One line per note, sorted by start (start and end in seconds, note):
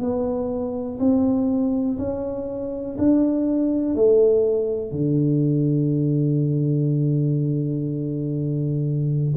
0.00 0.98 B3
0.99 1.97 C4
1.98 2.96 C#4
2.98 3.95 D4
3.95 4.91 A3
4.91 9.34 D3